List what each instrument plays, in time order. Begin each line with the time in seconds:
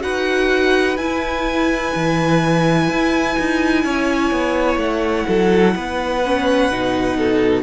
0.00 cello D#4, viola F#4, violin B4 F#5
0.97 cello E4, viola E4, violin G#5
1.95 cello E3
2.89 cello E4
3.38 cello D#4
3.84 cello C#4, violin C#5
4.31 cello B3
4.76 cello A3, violin F#5
5.26 cello F#3, violin A4
5.75 cello B3, violin B4
6.24 viola C#4
6.69 cello B2, viola D#4
7.17 violin A4